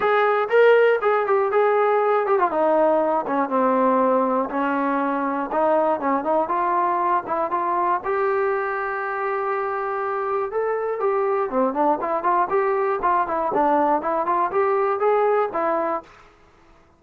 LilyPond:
\new Staff \with { instrumentName = "trombone" } { \time 4/4 \tempo 4 = 120 gis'4 ais'4 gis'8 g'8 gis'4~ | gis'8 g'16 f'16 dis'4. cis'8 c'4~ | c'4 cis'2 dis'4 | cis'8 dis'8 f'4. e'8 f'4 |
g'1~ | g'4 a'4 g'4 c'8 d'8 | e'8 f'8 g'4 f'8 e'8 d'4 | e'8 f'8 g'4 gis'4 e'4 | }